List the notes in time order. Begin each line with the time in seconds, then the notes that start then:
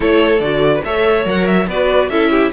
0.00 A3 E4 A4 C#5
0.40 D3 F#4 D5
0.74 B4
0.84 A3 A4 C#5 E5
1.25 F#3 A#4 F#5
1.46 E5
1.67 B3 F#4 B4 D5
2.09 C#4 E4 A4 E5
2.31 G4